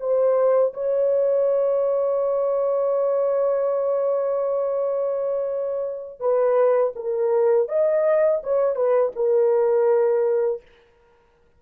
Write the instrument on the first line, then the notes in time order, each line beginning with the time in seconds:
horn
0.00 C5
0.74 C#5
6.20 B4
6.96 A#4
7.69 D#5
8.43 C#5
8.75 B4
9.16 A#4